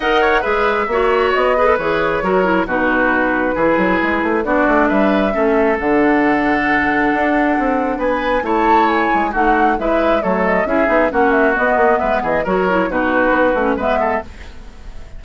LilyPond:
<<
  \new Staff \with { instrumentName = "flute" } { \time 4/4 \tempo 4 = 135 fis''4 e''2 dis''4 | cis''2 b'2~ | b'2 d''4 e''4~ | e''4 fis''2.~ |
fis''2 gis''4 a''4 | gis''4 fis''4 e''4 cis''8 dis''8 | e''4 fis''8 e''8 dis''4 e''8 dis''8 | cis''4 b'2 e''4 | }
  \new Staff \with { instrumentName = "oboe" } { \time 4/4 dis''8 cis''8 b'4 cis''4. b'8~ | b'4 ais'4 fis'2 | gis'2 fis'4 b'4 | a'1~ |
a'2 b'4 cis''4~ | cis''4 fis'4 b'4 a'4 | gis'4 fis'2 b'8 gis'8 | ais'4 fis'2 b'8 a'8 | }
  \new Staff \with { instrumentName = "clarinet" } { \time 4/4 ais'4 gis'4 fis'4. gis'16 a'16 | gis'4 fis'8 e'8 dis'2 | e'2 d'2 | cis'4 d'2.~ |
d'2. e'4~ | e'4 dis'4 e'4 a4 | e'8 dis'8 cis'4 b2 | fis'8 e'8 dis'4. cis'8 b4 | }
  \new Staff \with { instrumentName = "bassoon" } { \time 4/4 dis'4 gis4 ais4 b4 | e4 fis4 b,2 | e8 fis8 gis8 a8 b8 a8 g4 | a4 d2. |
d'4 c'4 b4 a4~ | a8 gis8 a4 gis4 fis4 | cis'8 b8 ais4 b8 ais8 gis8 e8 | fis4 b,4 b8 a8 gis4 | }
>>